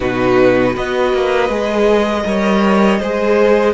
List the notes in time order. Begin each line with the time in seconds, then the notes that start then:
0.00 B2 D#4 F#4 B4
0.73 B3 F#4 B4 D#5
1.13 A#3
1.49 G#3 G#4
2.25 G3 A#4 C#5
3.00 G#3 G#4 C5